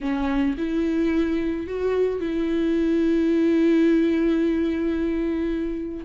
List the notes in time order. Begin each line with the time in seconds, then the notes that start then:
0.01 C#4
0.57 E4
1.66 F#4
2.20 E4